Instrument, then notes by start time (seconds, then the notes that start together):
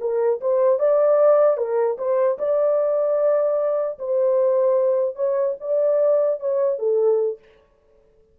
horn
0.00 A#4
0.41 C5
0.79 D5
1.57 A#4
1.98 C5
2.38 D5
3.98 C5
5.15 C#5
5.60 D5
6.40 C#5
6.78 A4